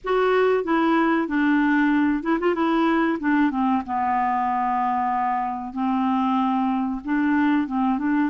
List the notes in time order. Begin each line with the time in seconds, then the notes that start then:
0.03 F#4
0.64 E4
1.27 D4
2.23 E4
2.40 F4
2.54 E4
3.19 D4
3.50 C4
3.86 B3
5.73 C4
7.04 D4
7.67 C4
7.98 D4